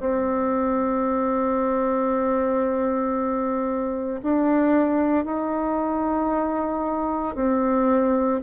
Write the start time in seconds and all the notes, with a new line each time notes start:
0.00 C4
4.23 D4
5.25 D#4
7.35 C4